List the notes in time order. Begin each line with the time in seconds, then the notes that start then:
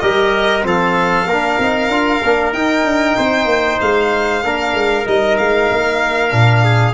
0.00 G3 G4 A#4 D#5
0.62 F3 C4 A4 F5
1.26 A#3 D4 A#4
1.59 C4 D#4
1.88 D4 F4
2.23 A#3 D4
2.53 D#4 G5
2.85 D4
3.17 C4 C5
3.45 A#3
3.81 G#3 F5
4.43 A#3 D4 A#4
4.74 G#3
5.05 G3 D#4 D#5
5.38 G#3 F5
5.72 A#3
6.30 A#2 D4
6.64 G#4